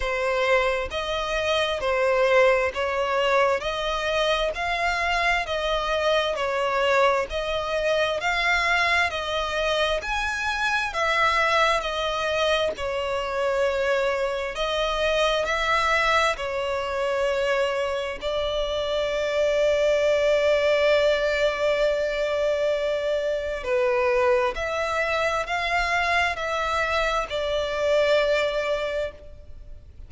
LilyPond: \new Staff \with { instrumentName = "violin" } { \time 4/4 \tempo 4 = 66 c''4 dis''4 c''4 cis''4 | dis''4 f''4 dis''4 cis''4 | dis''4 f''4 dis''4 gis''4 | e''4 dis''4 cis''2 |
dis''4 e''4 cis''2 | d''1~ | d''2 b'4 e''4 | f''4 e''4 d''2 | }